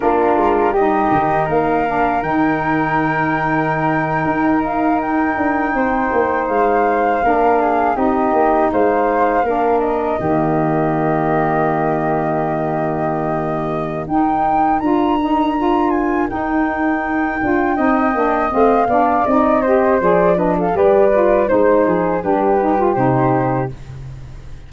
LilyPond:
<<
  \new Staff \with { instrumentName = "flute" } { \time 4/4 \tempo 4 = 81 ais'4 dis''4 f''4 g''4~ | g''2~ g''16 f''8 g''4~ g''16~ | g''8. f''2 dis''4 f''16~ | f''4~ f''16 dis''2~ dis''8.~ |
dis''2. g''4 | ais''4. gis''8 g''2~ | g''4 f''4 dis''4 d''8 dis''16 f''16 | d''4 c''4 b'4 c''4 | }
  \new Staff \with { instrumentName = "flute" } { \time 4/4 f'4 g'4 ais'2~ | ais'2.~ ais'8. c''16~ | c''4.~ c''16 ais'8 gis'8 g'4 c''16~ | c''8. ais'4 g'2~ g'16~ |
g'2. ais'4~ | ais'1 | dis''4. d''4 c''4 b'16 a'16 | b'4 c''8 gis'8 g'2 | }
  \new Staff \with { instrumentName = "saxophone" } { \time 4/4 d'4 dis'4. d'8 dis'4~ | dis'1~ | dis'4.~ dis'16 d'4 dis'4~ dis'16~ | dis'8. d'4 ais2~ ais16~ |
ais2. dis'4 | f'8 dis'8 f'4 dis'4. f'8 | dis'8 d'8 c'8 d'8 dis'8 g'8 gis'8 d'8 | g'8 f'8 dis'4 d'8 dis'16 f'16 dis'4 | }
  \new Staff \with { instrumentName = "tuba" } { \time 4/4 ais8 gis8 g8 dis8 ais4 dis4~ | dis4.~ dis16 dis'4. d'8 c'16~ | c'16 ais8 gis4 ais4 c'8 ais8 gis16~ | gis8. ais4 dis2~ dis16~ |
dis2. dis'4 | d'2 dis'4. d'8 | c'8 ais8 a8 b8 c'4 f4 | g4 gis8 f8 g4 c4 | }
>>